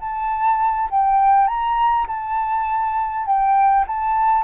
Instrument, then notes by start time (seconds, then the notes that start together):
flute
0.00 A5
0.90 G5
1.47 A#5
2.07 A5
3.26 G5
3.87 A5